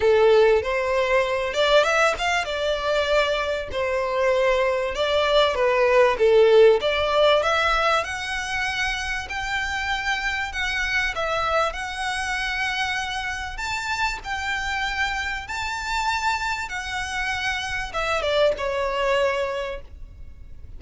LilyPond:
\new Staff \with { instrumentName = "violin" } { \time 4/4 \tempo 4 = 97 a'4 c''4. d''8 e''8 f''8 | d''2 c''2 | d''4 b'4 a'4 d''4 | e''4 fis''2 g''4~ |
g''4 fis''4 e''4 fis''4~ | fis''2 a''4 g''4~ | g''4 a''2 fis''4~ | fis''4 e''8 d''8 cis''2 | }